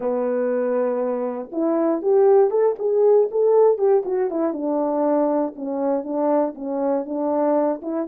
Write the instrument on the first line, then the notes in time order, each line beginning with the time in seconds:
horn
0.00 B3
1.51 E4
2.01 G4
2.50 A4
2.78 G#4
3.31 A4
3.78 G4
4.05 F#4
4.30 E4
4.53 D4
5.55 C#4
6.03 D4
6.54 C#4
7.05 D4
7.82 E4